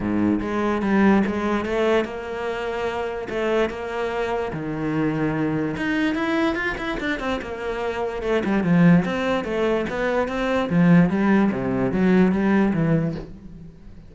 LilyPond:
\new Staff \with { instrumentName = "cello" } { \time 4/4 \tempo 4 = 146 gis,4 gis4 g4 gis4 | a4 ais2. | a4 ais2 dis4~ | dis2 dis'4 e'4 |
f'8 e'8 d'8 c'8 ais2 | a8 g8 f4 c'4 a4 | b4 c'4 f4 g4 | c4 fis4 g4 e4 | }